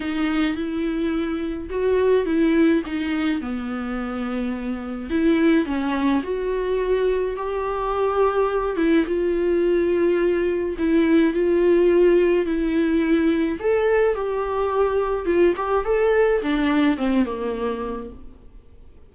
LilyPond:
\new Staff \with { instrumentName = "viola" } { \time 4/4 \tempo 4 = 106 dis'4 e'2 fis'4 | e'4 dis'4 b2~ | b4 e'4 cis'4 fis'4~ | fis'4 g'2~ g'8 e'8 |
f'2. e'4 | f'2 e'2 | a'4 g'2 f'8 g'8 | a'4 d'4 c'8 ais4. | }